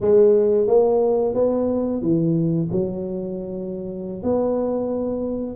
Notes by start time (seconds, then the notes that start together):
0.00 G#3
0.67 A#3
1.34 B3
2.01 E3
2.71 F#3
4.23 B3